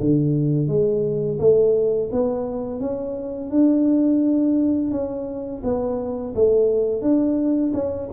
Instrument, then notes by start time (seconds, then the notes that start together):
tuba
0.00 D3
0.68 G#3
1.40 A3
2.12 B3
2.80 C#4
3.51 D4
4.92 C#4
5.64 B3
6.35 A3
7.02 D4
7.74 C#4